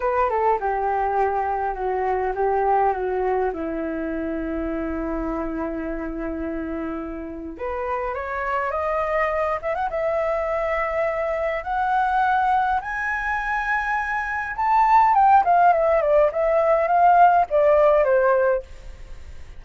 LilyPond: \new Staff \with { instrumentName = "flute" } { \time 4/4 \tempo 4 = 103 b'8 a'8 g'2 fis'4 | g'4 fis'4 e'2~ | e'1~ | e'4 b'4 cis''4 dis''4~ |
dis''8 e''16 fis''16 e''2. | fis''2 gis''2~ | gis''4 a''4 g''8 f''8 e''8 d''8 | e''4 f''4 d''4 c''4 | }